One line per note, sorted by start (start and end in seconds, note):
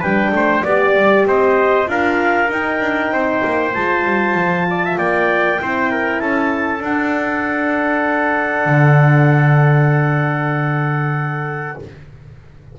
0.00 0.32 G3
0.00 0.65 D4
0.00 0.31 B4
0.00 0.63 G5
0.32 0.63 A3
0.32 0.65 C5
0.63 0.96 B3
0.63 1.87 G4
0.63 1.25 D5
0.63 1.27 D5
0.96 1.26 G3
1.26 1.87 C4
1.26 1.90 C5
1.26 1.89 D#5
1.87 2.49 D4
1.87 2.49 F4
1.87 3.14 A#4
1.87 2.51 F5
2.50 2.81 D#4
2.50 3.74 D#4
2.50 3.75 G5
2.81 3.11 D4
3.11 3.42 C4
3.11 4.68 C5
3.45 3.76 A#3
3.74 4.05 G#3
3.74 5.60 F4
3.74 4.98 A5
4.05 4.35 G3
4.35 4.97 F3
4.70 4.86 D5
4.86 4.98 E5
4.98 5.60 A#3
4.98 5.60 D5
4.98 6.20 G5
5.60 6.21 C4
5.60 6.81 E4
5.60 5.91 C5
5.91 6.22 A#4
6.20 6.80 C#4
6.20 11.80 A4
6.20 6.82 A5
6.80 8.66 D4
6.80 11.76 D4
6.80 11.80 F#5
8.66 11.75 D3